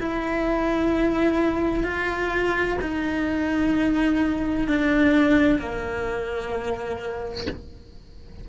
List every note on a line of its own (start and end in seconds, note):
0.00 1.84 E4
1.84 2.78 F4
2.81 4.68 D#4
4.68 5.60 D4
5.60 7.47 A#3